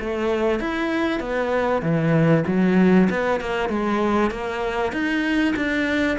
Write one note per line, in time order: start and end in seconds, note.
0.00 0.60 A3
0.60 1.20 E4
1.20 1.82 B3
1.82 2.44 E3
2.47 3.09 F#3
3.10 3.40 B3
3.40 3.69 A#3
3.69 4.31 G#3
4.31 4.93 A#3
4.93 5.54 D#4
5.56 6.18 D4